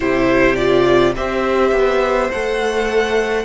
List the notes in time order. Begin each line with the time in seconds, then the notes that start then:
0.00 C3 E4 G4 C5
0.55 F4 D5
1.15 C4 G4 C5 E5
1.71 B3
2.30 A3 A4 F#5